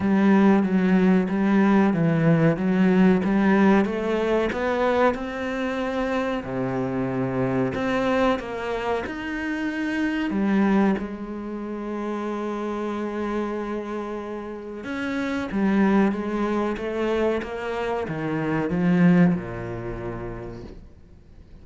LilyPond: \new Staff \with { instrumentName = "cello" } { \time 4/4 \tempo 4 = 93 g4 fis4 g4 e4 | fis4 g4 a4 b4 | c'2 c2 | c'4 ais4 dis'2 |
g4 gis2.~ | gis2. cis'4 | g4 gis4 a4 ais4 | dis4 f4 ais,2 | }